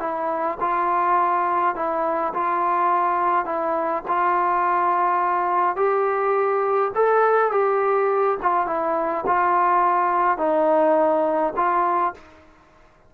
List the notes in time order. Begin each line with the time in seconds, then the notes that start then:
0.00 E4
0.60 F4
1.75 E4
2.34 F4
3.45 E4
4.08 F4
5.76 G4
6.95 A4
7.51 G4
8.42 F4
8.67 E4
9.27 F4
10.38 D#4
11.56 F4